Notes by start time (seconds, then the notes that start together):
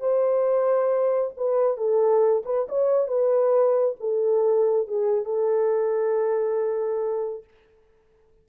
0.00 C5
1.37 B4
1.77 A4
2.45 B4
2.69 C#5
3.08 B4
4.00 A4
4.88 G#4
5.25 A4